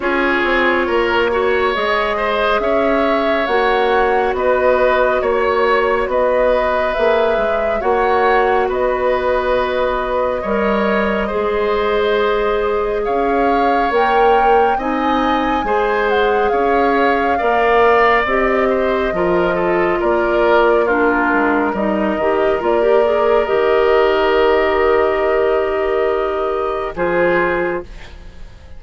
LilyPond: <<
  \new Staff \with { instrumentName = "flute" } { \time 4/4 \tempo 4 = 69 cis''2 dis''4 e''4 | fis''4 dis''4 cis''4 dis''4 | e''4 fis''4 dis''2~ | dis''2. f''4 |
g''4 gis''4. fis''8 f''4~ | f''4 dis''2 d''4 | ais'4 dis''4 d''4 dis''4~ | dis''2. c''4 | }
  \new Staff \with { instrumentName = "oboe" } { \time 4/4 gis'4 ais'8 cis''4 c''8 cis''4~ | cis''4 b'4 cis''4 b'4~ | b'4 cis''4 b'2 | cis''4 c''2 cis''4~ |
cis''4 dis''4 c''4 cis''4 | d''4. c''8 ais'8 a'8 ais'4 | f'4 ais'2.~ | ais'2. gis'4 | }
  \new Staff \with { instrumentName = "clarinet" } { \time 4/4 f'4. fis'8 gis'2 | fis'1 | gis'4 fis'2. | ais'4 gis'2. |
ais'4 dis'4 gis'2 | ais'4 g'4 f'2 | d'4 dis'8 g'8 f'16 g'16 gis'8 g'4~ | g'2. f'4 | }
  \new Staff \with { instrumentName = "bassoon" } { \time 4/4 cis'8 c'8 ais4 gis4 cis'4 | ais4 b4 ais4 b4 | ais8 gis8 ais4 b2 | g4 gis2 cis'4 |
ais4 c'4 gis4 cis'4 | ais4 c'4 f4 ais4~ | ais8 gis8 g8 dis8 ais4 dis4~ | dis2. f4 | }
>>